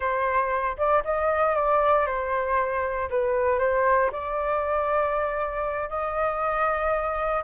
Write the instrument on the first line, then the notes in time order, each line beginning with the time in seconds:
flute
0.00 C5
0.77 D5
1.04 D#5
1.55 D5
2.06 C5
3.10 B4
3.59 C5
4.12 D5
5.89 D#5